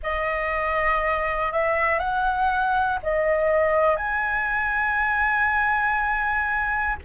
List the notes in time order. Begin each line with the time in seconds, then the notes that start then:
0.02 D#5
1.52 E5
1.99 F#5
3.03 D#5
3.96 G#5